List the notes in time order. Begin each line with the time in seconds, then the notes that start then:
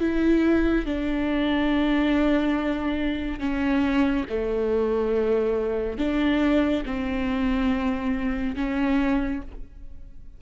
0.00 E4
0.85 D4
3.39 C#4
4.29 A3
5.98 D4
6.85 C4
8.55 C#4